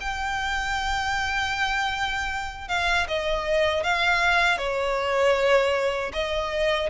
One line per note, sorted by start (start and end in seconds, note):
0.00 2.69 G5
2.69 3.07 F5
3.08 3.84 D#5
3.84 4.58 F5
4.58 6.12 C#5
6.13 6.90 D#5